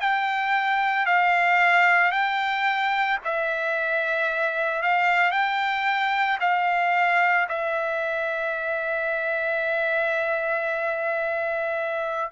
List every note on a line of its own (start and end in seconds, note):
0.00 1.06 G5
1.06 2.11 F5
2.11 3.19 G5
3.24 4.82 E5
4.82 5.31 F5
5.31 6.38 G5
6.40 7.48 F5
7.49 12.31 E5